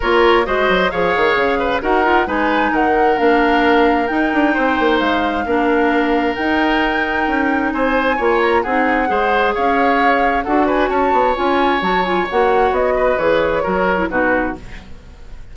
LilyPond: <<
  \new Staff \with { instrumentName = "flute" } { \time 4/4 \tempo 4 = 132 cis''4 dis''4 f''2 | fis''4 gis''4 fis''4 f''4~ | f''4 g''2 f''4~ | f''2 g''2~ |
g''4 gis''4. ais''8 fis''4~ | fis''4 f''2 fis''8 gis''8 | a''4 gis''4 a''8 gis''8 fis''4 | dis''4 cis''2 b'4 | }
  \new Staff \with { instrumentName = "oboe" } { \time 4/4 ais'4 c''4 cis''4. b'8 | ais'4 b'4 ais'2~ | ais'2 c''2 | ais'1~ |
ais'4 c''4 cis''4 gis'4 | c''4 cis''2 a'8 b'8 | cis''1~ | cis''8 b'4. ais'4 fis'4 | }
  \new Staff \with { instrumentName = "clarinet" } { \time 4/4 f'4 fis'4 gis'2 | fis'8 f'8 dis'2 d'4~ | d'4 dis'2. | d'2 dis'2~ |
dis'2 f'4 dis'4 | gis'2. fis'4~ | fis'4 f'4 fis'8 f'8 fis'4~ | fis'4 gis'4 fis'8. e'16 dis'4 | }
  \new Staff \with { instrumentName = "bassoon" } { \time 4/4 ais4 gis8 fis8 f8 dis8 cis4 | dis'4 gis4 dis4 ais4~ | ais4 dis'8 d'8 c'8 ais8 gis4 | ais2 dis'2 |
cis'4 c'4 ais4 c'4 | gis4 cis'2 d'4 | cis'8 b8 cis'4 fis4 ais4 | b4 e4 fis4 b,4 | }
>>